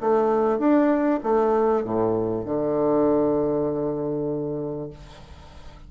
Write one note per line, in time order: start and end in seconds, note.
0.00 0.58 A3
0.58 1.20 D4
1.23 1.83 A3
1.83 2.45 A2
2.45 4.90 D3